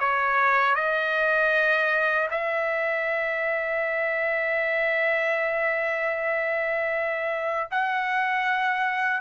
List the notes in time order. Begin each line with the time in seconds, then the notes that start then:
0.00 C#5
0.75 D#5
2.31 E5
7.71 F#5